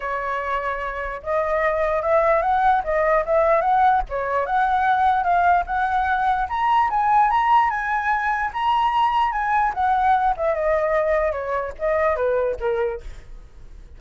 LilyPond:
\new Staff \with { instrumentName = "flute" } { \time 4/4 \tempo 4 = 148 cis''2. dis''4~ | dis''4 e''4 fis''4 dis''4 | e''4 fis''4 cis''4 fis''4~ | fis''4 f''4 fis''2 |
ais''4 gis''4 ais''4 gis''4~ | gis''4 ais''2 gis''4 | fis''4. e''8 dis''2 | cis''4 dis''4 b'4 ais'4 | }